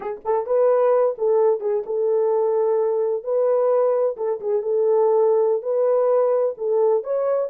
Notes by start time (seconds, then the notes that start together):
0.00 G#4
0.25 A4
0.46 B4
1.18 A4
1.60 G#4
1.86 A4
3.23 B4
4.16 A4
4.40 G#4
4.62 A4
5.62 B4
6.57 A4
7.03 C#5